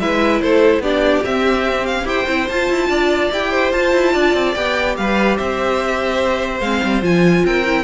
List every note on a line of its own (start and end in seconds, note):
0.00 0.41 G#3
0.00 0.82 E4
0.00 0.42 B4
0.00 0.41 E5
0.41 0.79 A3
0.41 0.83 A4
0.41 0.82 C5
0.79 1.21 B3
0.79 1.23 D4
0.79 2.06 G4
0.79 1.24 D5
1.23 2.04 C4
1.23 2.03 C4
1.23 1.86 E5
1.86 2.07 F5
2.03 2.24 E4
2.03 2.25 G4
2.03 2.89 C5
2.03 2.49 G5
2.27 2.49 C4
2.27 2.48 E4
2.49 2.70 F4
2.49 3.32 F4
2.49 3.31 A5
2.70 2.88 E4
2.88 3.30 D4
2.88 3.51 D5
3.32 3.72 E4
3.32 3.73 G4
3.32 3.72 G5
3.51 4.13 C5
3.72 3.93 F4
3.72 4.55 F4
3.72 4.54 A5
3.93 4.14 E4
4.13 4.34 D4
4.13 4.95 D5
4.34 4.55 C4
4.54 4.97 B3
4.54 6.62 G4
4.54 4.95 G5
4.97 5.39 G3
4.97 5.37 B4
4.97 5.37 F5
5.37 6.60 C4
5.37 7.44 C5
5.37 6.60 E5
6.60 6.81 G#3
6.60 7.02 C4
6.60 7.02 F5
6.84 7.02 G3
7.02 7.43 F3
7.02 7.64 F4
7.02 7.46 G#5
7.45 7.84 C4
7.45 7.84 A#4
7.45 7.84 G5
7.65 7.84 E4